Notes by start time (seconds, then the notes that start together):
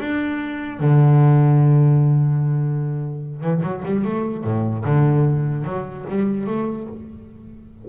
0.00 D4
0.80 D3
3.42 E3
3.63 F#3
3.85 G3
4.05 A3
4.44 A2
4.85 D3
5.65 F#3
6.10 G3
6.47 A3